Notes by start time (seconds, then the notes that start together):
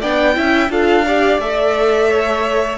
0.00 B3 D4 D5 G5
0.34 C#4 E4 E5
0.69 D4 F4 A4 F5
1.06 G4 D5
1.39 A3 A4 E5
2.10 C#5